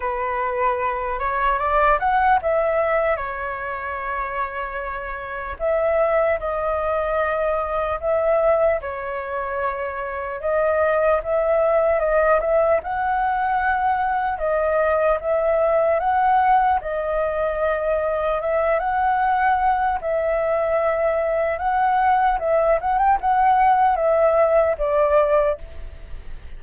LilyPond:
\new Staff \with { instrumentName = "flute" } { \time 4/4 \tempo 4 = 75 b'4. cis''8 d''8 fis''8 e''4 | cis''2. e''4 | dis''2 e''4 cis''4~ | cis''4 dis''4 e''4 dis''8 e''8 |
fis''2 dis''4 e''4 | fis''4 dis''2 e''8 fis''8~ | fis''4 e''2 fis''4 | e''8 fis''16 g''16 fis''4 e''4 d''4 | }